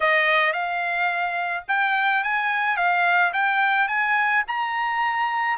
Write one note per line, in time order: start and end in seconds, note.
0.00 0.52 D#5
0.52 1.63 F5
1.68 2.23 G5
2.23 2.77 G#5
2.77 3.32 F5
3.33 3.88 G5
3.88 4.43 G#5
4.47 5.57 A#5